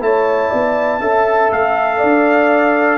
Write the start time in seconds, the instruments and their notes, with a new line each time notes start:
0.00 tuba A3, trombone E4, horn C#5, trumpet A5
0.49 tuba B3, horn D5
0.99 tuba C#4, trombone A4, horn E5
1.51 tuba A3, trumpet F5
1.98 tuba D4, horn D5